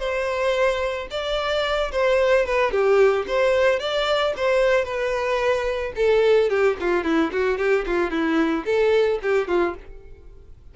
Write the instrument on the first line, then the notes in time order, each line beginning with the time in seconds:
violin
0.00 C5
1.11 D5
1.92 C5
2.46 B4
2.72 G4
3.28 C5
3.80 D5
4.37 C5
4.85 B4
5.96 A4
6.50 G4
6.81 F4
7.04 E4
7.33 F#4
7.58 G4
7.87 F4
8.11 E4
8.66 A4
9.23 G4
9.48 F4